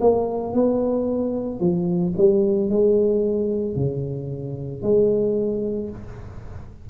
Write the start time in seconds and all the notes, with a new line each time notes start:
0.00 A#3
0.53 B3
1.60 F3
2.17 G3
2.69 G#3
3.75 C#3
4.82 G#3